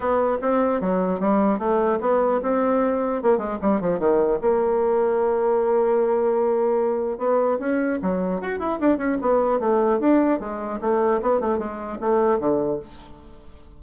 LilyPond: \new Staff \with { instrumentName = "bassoon" } { \time 4/4 \tempo 4 = 150 b4 c'4 fis4 g4 | a4 b4 c'2 | ais8 gis8 g8 f8 dis4 ais4~ | ais1~ |
ais2 b4 cis'4 | fis4 fis'8 e'8 d'8 cis'8 b4 | a4 d'4 gis4 a4 | b8 a8 gis4 a4 d4 | }